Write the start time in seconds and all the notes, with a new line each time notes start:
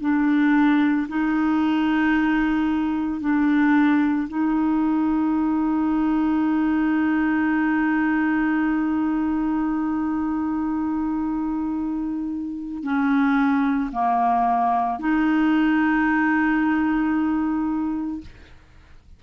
0.00 D4
1.08 D#4
3.20 D4
4.28 D#4
12.83 C#4
13.92 A#3
15.00 D#4